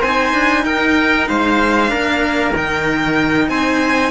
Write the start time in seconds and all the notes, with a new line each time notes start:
0.00 C4 D#4 C5 G#5
0.33 D4
0.64 D#4 A#4 G5
1.28 G#3 C5 F5
1.87 A#3 D4 A#4
2.54 D#3 D#4 G5
3.48 C4 C5 G#5